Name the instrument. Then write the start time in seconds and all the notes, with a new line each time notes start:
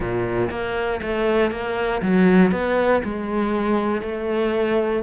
cello
0.00 A#2
0.50 A#3
1.02 A3
1.51 A#3
2.01 F#3
2.51 B3
3.04 G#3
4.01 A3